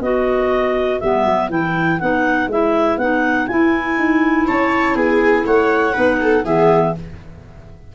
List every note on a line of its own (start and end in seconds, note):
0.00 0.99 B3
0.00 1.01 F#4
0.00 4.47 B4
0.00 1.00 D#5
1.00 1.24 G3
1.00 1.49 B3
1.00 1.49 E5
1.24 1.49 F#3
1.49 1.99 E3
1.49 1.99 E4
1.49 1.99 G5
1.99 2.47 B3
1.99 2.49 D#4
1.99 2.49 F#5
2.47 2.96 G#3
2.47 2.99 E4
2.47 2.98 E5
2.97 3.47 B3
2.97 3.49 D#4
2.97 3.47 F#5
3.47 3.97 E4
3.47 5.94 E4
3.47 4.46 G#5
3.97 4.47 D#4
4.47 4.95 C#4
4.47 4.95 C#5
4.47 4.96 A5
4.95 5.45 B3
4.95 5.45 G#4
4.95 5.45 G#5
5.45 5.95 A3
5.45 5.93 C#5
5.45 6.45 F#5
5.93 6.44 B3
5.93 6.43 D#4
5.93 6.18 B4
6.21 6.44 A4
6.44 6.94 E3
6.44 6.95 B3
6.44 6.94 G#4
6.44 6.94 E5